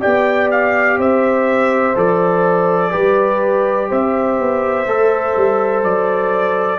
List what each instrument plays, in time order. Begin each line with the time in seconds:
0.00 tuba B3, trombone G4, horn D5, trumpet G5
0.51 trumpet F5
0.98 tuba C4, horn C5, trumpet E5
1.95 tuba F3, trombone A4, trumpet D5
2.91 tuba G3, trombone G4, horn B4
3.88 tuba C4, horn C5, trumpet E5
4.39 tuba B3
4.86 tuba A3, trombone A4
5.36 tuba G3
5.83 tuba F#3, trumpet D5